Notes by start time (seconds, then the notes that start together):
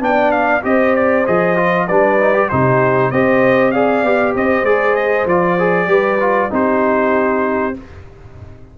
0.00 B3 D4 D5 G5
0.32 F5
0.62 C4 G4 C5 D#5
0.96 D5
1.26 F3 G#4 D#5
1.57 F4
1.87 G3 D4 B4 D5
2.20 D#4
2.34 G4
2.49 C3 D#4 G4 C5
3.11 C4 G4 C5 D#5
3.72 G#4 D5 F5
4.04 B3 G4
4.35 C4 C5 D#5
4.63 G#3 G#4 D5
4.95 D#5
5.26 F3 F4 D5
5.59 G#4
5.87 G3 G4 B4
6.20 F4
6.50 C4 D#4 G4 C5